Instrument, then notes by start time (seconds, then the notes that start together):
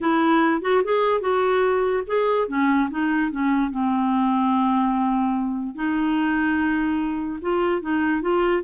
clarinet
0.01 E4
0.61 F#4
0.83 G#4
1.20 F#4
2.06 G#4
2.48 C#4
2.90 D#4
3.31 C#4
3.70 C4
5.75 D#4
7.41 F4
7.81 D#4
8.21 F4